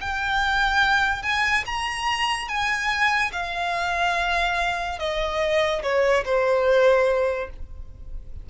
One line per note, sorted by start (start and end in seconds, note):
0.00 1.22 G5
1.22 1.64 G#5
1.66 2.48 A#5
2.48 3.31 G#5
3.32 4.98 F5
4.98 5.82 D#5
5.82 6.24 C#5
6.25 7.50 C5